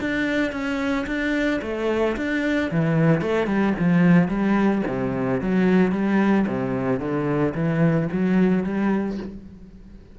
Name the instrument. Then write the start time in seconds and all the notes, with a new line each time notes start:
cello
0.00 D4
0.51 C#4
1.06 D4
1.61 A3
2.16 D4
2.71 E3
3.21 A3
3.46 G3
3.78 F3
4.28 G3
4.87 C3
5.41 F#3
5.91 G3
6.46 C3
6.99 D3
7.54 E3
8.12 F#3
8.63 G3